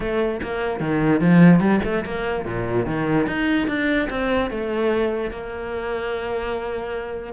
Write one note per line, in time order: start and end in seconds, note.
0.00 0.40 A3
0.42 0.80 A#3
0.80 1.20 D#3
1.20 1.60 F3
1.60 1.80 G3
1.84 2.05 A3
2.05 2.45 A#3
2.45 2.86 A#2
2.86 3.26 D#3
3.26 3.67 D#4
3.67 4.08 D4
4.09 4.50 C4
4.50 5.31 A3
5.31 7.33 A#3